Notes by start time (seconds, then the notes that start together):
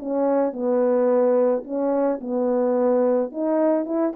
0.00 C#4
0.53 B3
1.65 C#4
2.21 B3
3.32 D#4
3.86 E4